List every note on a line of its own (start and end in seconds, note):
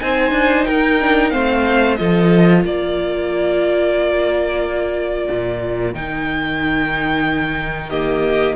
0.00 0.31 C4
0.00 0.99 D#4
0.00 0.67 C5
0.00 0.65 G#5
0.31 0.64 D4
0.65 1.34 D#4
0.65 1.33 A#4
0.65 1.30 G5
1.00 1.31 D4
1.30 2.00 A3
1.30 1.97 C4
1.30 1.99 C5
1.30 1.96 F5
1.96 2.64 F3
1.96 5.94 F4
1.96 2.63 A4
1.96 2.62 D#5
2.63 5.28 A#3
2.63 7.90 A#4
2.63 5.94 D5
5.31 5.95 A#2
5.94 8.56 D#3
5.94 7.92 D#4
5.94 7.90 G5
7.90 8.56 A#3
7.90 8.56 G4
7.90 8.56 D#5